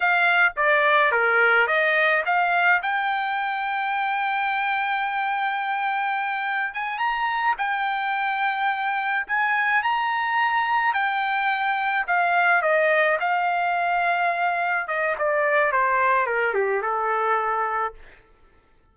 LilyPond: \new Staff \with { instrumentName = "trumpet" } { \time 4/4 \tempo 4 = 107 f''4 d''4 ais'4 dis''4 | f''4 g''2.~ | g''1 | gis''8 ais''4 g''2~ g''8~ |
g''8 gis''4 ais''2 g''8~ | g''4. f''4 dis''4 f''8~ | f''2~ f''8 dis''8 d''4 | c''4 ais'8 g'8 a'2 | }